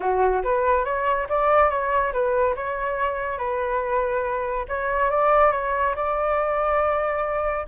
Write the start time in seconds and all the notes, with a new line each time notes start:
0.00 F#4
0.43 B4
0.84 C#5
1.29 D5
1.69 C#5
2.12 B4
2.55 C#5
3.38 B4
4.68 C#5
5.10 D5
5.52 C#5
5.95 D5